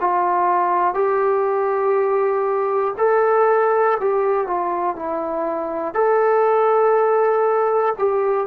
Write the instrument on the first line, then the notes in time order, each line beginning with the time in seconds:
trombone
0.00 F4
0.94 G4
2.97 A4
4.00 G4
4.47 F4
4.95 E4
5.94 A4
7.98 G4